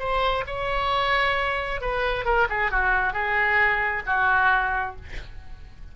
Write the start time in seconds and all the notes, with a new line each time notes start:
0.00 C5
0.47 C#5
1.82 B4
2.26 A#4
2.50 G#4
2.72 F#4
3.13 G#4
4.07 F#4